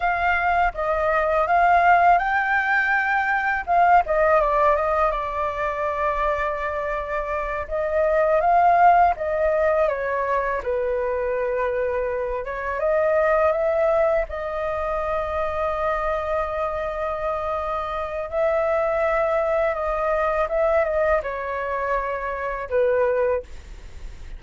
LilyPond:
\new Staff \with { instrumentName = "flute" } { \time 4/4 \tempo 4 = 82 f''4 dis''4 f''4 g''4~ | g''4 f''8 dis''8 d''8 dis''8 d''4~ | d''2~ d''8 dis''4 f''8~ | f''8 dis''4 cis''4 b'4.~ |
b'4 cis''8 dis''4 e''4 dis''8~ | dis''1~ | dis''4 e''2 dis''4 | e''8 dis''8 cis''2 b'4 | }